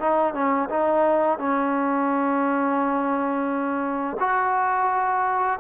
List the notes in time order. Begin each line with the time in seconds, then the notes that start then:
0.00 D#4
0.34 C#4
0.69 D#4
1.38 C#4
4.20 F#4